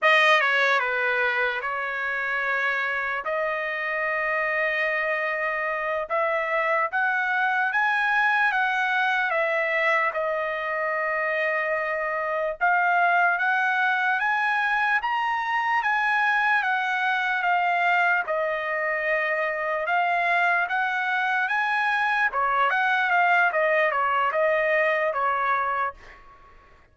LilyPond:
\new Staff \with { instrumentName = "trumpet" } { \time 4/4 \tempo 4 = 74 dis''8 cis''8 b'4 cis''2 | dis''2.~ dis''8 e''8~ | e''8 fis''4 gis''4 fis''4 e''8~ | e''8 dis''2. f''8~ |
f''8 fis''4 gis''4 ais''4 gis''8~ | gis''8 fis''4 f''4 dis''4.~ | dis''8 f''4 fis''4 gis''4 cis''8 | fis''8 f''8 dis''8 cis''8 dis''4 cis''4 | }